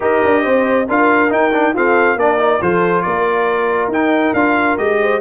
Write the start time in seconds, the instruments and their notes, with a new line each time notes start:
0.00 tuba D#4, trombone G4, horn A#4, trumpet D#5
0.24 tuba D4
0.42 tuba C4, horn C5
0.88 tuba D4, trombone F4, horn A#4, trumpet F5
1.29 trombone D#4, tuba D#4, trumpet G5
1.52 trombone D4
1.73 trombone C4, tuba F4, horn A4, trumpet F5
2.16 tuba A#3, trombone D4, horn A#4, trumpet D5
2.38 trombone D#4
2.61 tuba F3, trombone F4, horn A4, trumpet C5
3.02 tuba A#3, horn A#4, trumpet D5
3.87 tuba D#4, trombone D#4, trumpet G5
4.33 tuba D4, trombone F4, trumpet F5
4.77 tuba G#3, trombone G4, trumpet D#5
5.00 horn C5